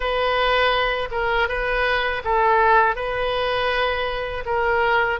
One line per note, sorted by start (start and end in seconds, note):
0.00 1.08 B4
1.11 1.48 A#4
1.48 2.22 B4
2.24 2.95 A4
2.95 4.43 B4
4.45 5.19 A#4